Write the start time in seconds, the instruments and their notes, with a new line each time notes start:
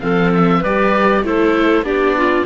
0.00 cello F3, viola C4, clarinet A4, oboe F5
0.34 oboe E5
0.60 cello G3, viola G4, clarinet B4, oboe D5
1.23 cello A3, viola E4, clarinet A4, oboe C5
1.82 cello B3, viola D4, clarinet G4, oboe D5
2.17 clarinet F4